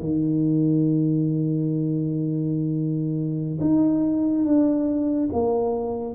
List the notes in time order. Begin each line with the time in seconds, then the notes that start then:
0.00 D#3
3.61 D#4
4.45 D4
5.32 A#3